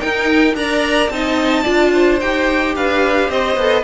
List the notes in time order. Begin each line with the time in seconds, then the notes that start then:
0.00 D#4 A#4 G5
0.55 D4 A#4 D5 A#5
1.10 C4 D#4 D#5 A5
1.63 D4 F4 D5
1.93 C5
2.21 D#4 G4 G5
2.76 D4 B4 F5
3.30 C4 C5 D#5
3.57 B3 A4